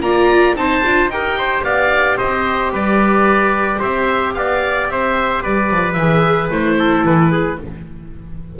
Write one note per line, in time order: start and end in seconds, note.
0.00 0.54 A#3
0.00 0.56 F4
0.00 0.57 D5
0.00 0.56 A#5
0.55 0.82 C4
0.55 0.83 D#4
0.55 1.13 C5
0.55 1.10 A5
0.85 1.07 D4
0.85 1.12 F4
1.07 1.61 D#4
1.07 5.99 G4
1.07 1.64 G5
1.13 1.38 A#4
1.38 1.64 C5
1.63 2.17 B3
1.63 2.18 D5
1.63 2.18 F5
2.18 2.73 C4
2.18 2.72 C5
2.18 2.72 D#5
2.73 3.81 G3
2.73 3.79 B4
2.73 3.81 D5
3.79 4.35 C4
3.79 4.33 C5
3.79 4.34 E5
4.34 4.89 B3
4.34 4.92 D5
4.34 4.88 F5
4.89 5.43 C4
4.89 5.42 C5
4.89 5.43 E5
5.42 5.71 G3
5.42 6.77 B4
5.42 5.93 D5
5.71 5.97 F3
5.93 6.50 E3
5.93 6.47 E5
6.00 6.51 G#4
6.50 7.04 A3
6.50 7.59 E4
6.50 7.05 C5
6.79 7.32 A4
7.05 7.59 E3
7.05 7.60 B4
7.32 7.59 G#4